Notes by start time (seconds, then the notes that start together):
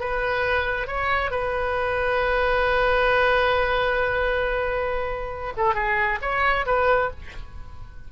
0.00 B4
0.87 C#5
1.31 B4
5.57 A4
5.74 G#4
6.22 C#5
6.66 B4